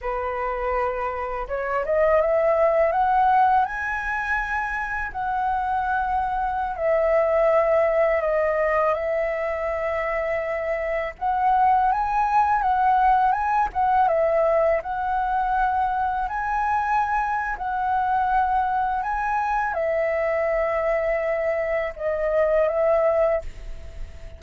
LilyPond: \new Staff \with { instrumentName = "flute" } { \time 4/4 \tempo 4 = 82 b'2 cis''8 dis''8 e''4 | fis''4 gis''2 fis''4~ | fis''4~ fis''16 e''2 dis''8.~ | dis''16 e''2. fis''8.~ |
fis''16 gis''4 fis''4 gis''8 fis''8 e''8.~ | e''16 fis''2 gis''4.~ gis''16 | fis''2 gis''4 e''4~ | e''2 dis''4 e''4 | }